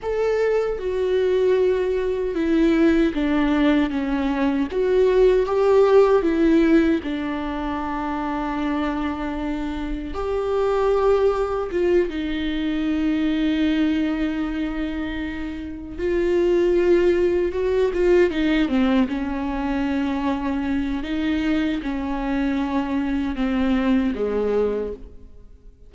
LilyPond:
\new Staff \with { instrumentName = "viola" } { \time 4/4 \tempo 4 = 77 a'4 fis'2 e'4 | d'4 cis'4 fis'4 g'4 | e'4 d'2.~ | d'4 g'2 f'8 dis'8~ |
dis'1~ | dis'8 f'2 fis'8 f'8 dis'8 | c'8 cis'2~ cis'8 dis'4 | cis'2 c'4 gis4 | }